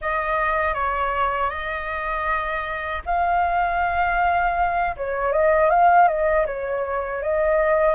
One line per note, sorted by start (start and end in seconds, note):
0.01 0.74 D#5
0.74 1.49 C#5
1.49 3.01 D#5
3.05 4.95 F5
4.96 5.32 C#5
5.32 5.70 D#5
5.70 6.08 F5
6.08 6.46 D#5
6.46 7.22 C#5
7.22 7.95 D#5